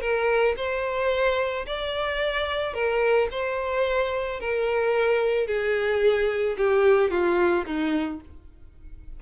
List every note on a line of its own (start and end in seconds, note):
0.00 0.55 A#4
0.56 1.65 C5
1.66 2.73 D5
2.73 3.28 A#4
3.31 4.40 C5
4.40 5.47 A#4
5.47 6.56 G#4
6.57 7.10 G4
7.10 7.65 F4
7.65 8.20 D#4